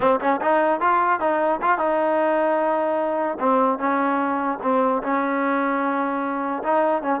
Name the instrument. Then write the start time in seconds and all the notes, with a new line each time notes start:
trombone
0.00 C4
0.20 C#4
0.41 D#4
0.80 F4
1.20 D#4
1.61 F4
1.78 D#4
3.39 C4
3.78 C#4
4.62 C4
5.02 C#4
6.63 D#4
7.02 C#4